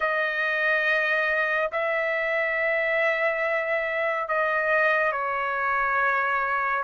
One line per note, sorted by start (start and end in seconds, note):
0.00 1.71 D#5
1.71 4.28 E5
4.28 5.12 D#5
5.12 6.83 C#5